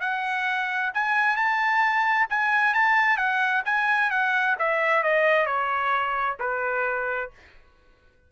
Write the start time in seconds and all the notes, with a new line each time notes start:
0.00 F#5
0.93 G#5
1.36 A5
2.29 G#5
2.73 A5
3.17 F#5
3.65 G#5
4.10 F#5
4.58 E5
5.03 D#5
5.46 C#5
6.39 B4